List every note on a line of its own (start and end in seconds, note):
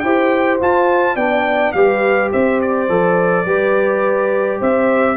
0.00 0.61 E4
0.00 0.62 G4
0.00 1.16 C5
0.00 0.57 G5
0.61 1.16 F4
0.61 1.19 F4
0.61 1.16 A5
1.16 1.73 B3
1.16 1.75 D4
1.16 1.73 D5
1.16 1.73 G5
1.73 2.31 G3
1.73 2.89 G4
1.73 2.32 B4
1.73 2.30 F5
2.32 2.89 C4
2.32 3.46 C5
2.32 2.61 E5
2.62 4.62 D5
2.89 3.46 F3
2.89 3.46 A4
3.46 4.60 G3
3.46 5.17 G4
3.46 4.60 B4
4.60 5.17 C4
4.60 5.17 C5
4.60 5.17 E5